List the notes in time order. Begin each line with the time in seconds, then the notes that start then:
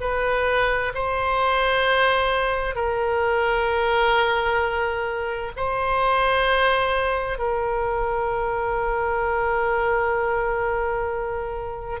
0.00 B4
0.94 C5
2.75 A#4
5.56 C5
7.38 A#4